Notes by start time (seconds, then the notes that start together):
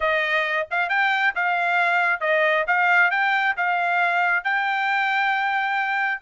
0.00 D#5
0.71 F5
0.89 G5
1.35 F5
2.20 D#5
2.67 F5
3.10 G5
3.56 F5
4.44 G5